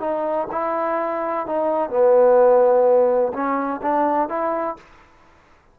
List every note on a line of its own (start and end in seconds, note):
0.00 0.48 D#4
0.52 1.47 E4
1.47 1.90 D#4
1.90 3.33 B3
3.33 3.81 C#4
3.82 4.29 D4
4.29 4.77 E4